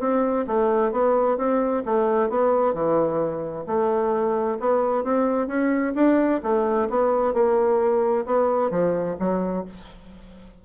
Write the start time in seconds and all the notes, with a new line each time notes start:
0.00 C4
0.47 A3
0.92 B3
1.37 C4
1.86 A3
2.29 B3
2.74 E3
3.67 A3
4.60 B3
5.04 C4
5.48 C#4
5.95 D4
6.43 A3
6.89 B3
7.34 A#3
8.26 B3
8.71 F3
9.19 F#3